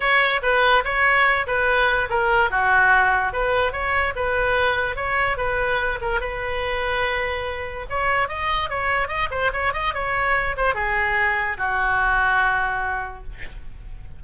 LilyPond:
\new Staff \with { instrumentName = "oboe" } { \time 4/4 \tempo 4 = 145 cis''4 b'4 cis''4. b'8~ | b'4 ais'4 fis'2 | b'4 cis''4 b'2 | cis''4 b'4. ais'8 b'4~ |
b'2. cis''4 | dis''4 cis''4 dis''8 c''8 cis''8 dis''8 | cis''4. c''8 gis'2 | fis'1 | }